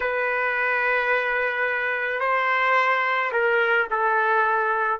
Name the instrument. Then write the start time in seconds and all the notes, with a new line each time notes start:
trumpet
0.00 B4
2.19 C5
3.32 A#4
3.90 A4